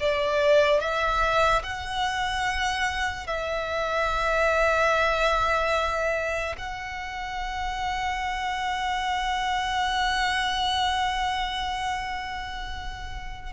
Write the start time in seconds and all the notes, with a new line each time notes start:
0.00 D5
0.80 E5
1.63 F#5
3.27 E5
6.58 F#5